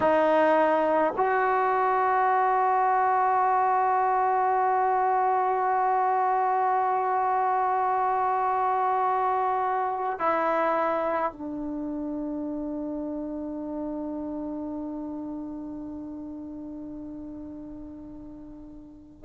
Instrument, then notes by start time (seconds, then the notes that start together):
trombone
0.00 D#4
1.16 F#4
10.19 E4
11.32 D4